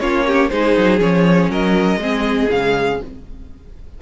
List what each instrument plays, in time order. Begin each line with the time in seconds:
0.00 cello A#3, viola C#4, violin F4 C#5
0.27 violin G4
0.50 cello G#3, viola D#4, violin G#4 C5
0.77 cello F#3
0.99 cello F3, viola C#4, violin C#5
1.50 cello F#3, violin A#4 D#5
1.97 cello G#3, viola C4, violin G#4
2.50 cello C#3, viola G#3, violin F5